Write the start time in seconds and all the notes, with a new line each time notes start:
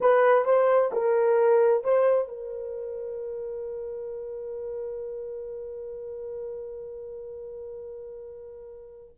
0.00 B4
0.45 C5
0.92 A#4
1.84 C5
2.28 A#4